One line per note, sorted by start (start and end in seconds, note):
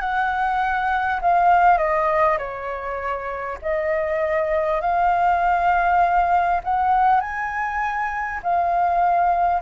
0.00 1.20 F#5
1.21 1.78 F5
1.78 2.38 D#5
2.38 3.58 C#5
3.61 4.81 D#5
4.81 6.61 F5
6.63 7.20 F#5
7.20 8.40 G#5
8.43 9.61 F5